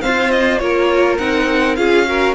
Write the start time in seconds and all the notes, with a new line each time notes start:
0.00 C4 F4 C5 F5
0.31 D#5
0.58 A#3 F4 A#4 C#5
1.18 C4 D#4 F#5
1.75 C#4 F4 G#4 F5
2.06 F#4 A#4